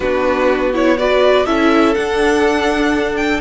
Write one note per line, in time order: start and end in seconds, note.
0.00 1.44 B3
0.00 0.73 D4
0.00 0.96 F#4
0.00 0.72 B4
0.73 0.97 E4
0.73 0.97 C#5
0.97 1.46 F#4
0.97 1.45 B4
0.97 1.45 D5
1.45 1.95 C#4
1.45 1.95 E4
1.45 3.40 A4
1.45 1.94 E5
1.94 3.40 D4
1.94 3.16 F#5
3.16 3.40 G5